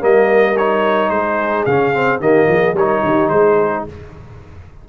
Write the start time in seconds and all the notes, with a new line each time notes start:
0.00 G3 A#3 A#4 D#5
0.57 D#4 C#5
1.09 G#3 G#4 C5
1.65 C#3 C#4 F5
1.93 C4
2.19 D#3 A#3 G4 D#5
2.47 F3 G#4
2.74 G3 D#4 A#4 C#5
3.03 D#3 G4
3.29 G#3 G#4 C5